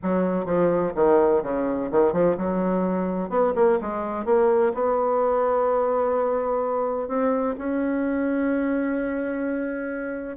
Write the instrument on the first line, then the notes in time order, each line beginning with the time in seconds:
bassoon
0.03 F#3
0.45 F3
0.95 D#3
1.43 C#3
1.91 D#3
2.12 F3
2.37 F#3
3.29 B3
3.55 A#3
3.81 G#3
4.25 A#3
4.74 B3
7.07 C4
7.57 C#4